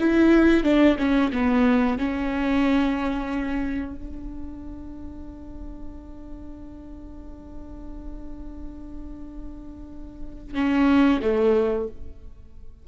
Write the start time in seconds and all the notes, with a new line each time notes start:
0.00 E4
0.64 D4
0.99 C#4
1.33 B3
1.99 C#4
3.96 D4
10.55 C#4
11.22 A3